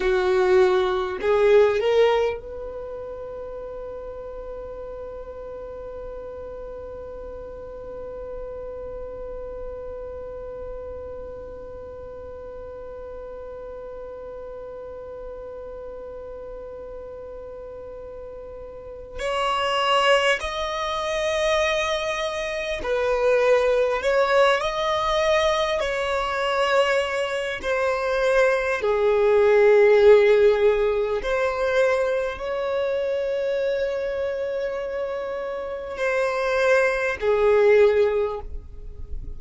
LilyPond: \new Staff \with { instrumentName = "violin" } { \time 4/4 \tempo 4 = 50 fis'4 gis'8 ais'8 b'2~ | b'1~ | b'1~ | b'1 |
cis''4 dis''2 b'4 | cis''8 dis''4 cis''4. c''4 | gis'2 c''4 cis''4~ | cis''2 c''4 gis'4 | }